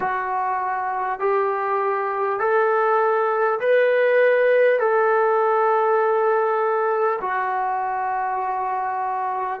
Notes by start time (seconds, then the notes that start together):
0.00 F#4
1.19 G4
2.39 A4
3.60 B4
4.79 A4
7.21 F#4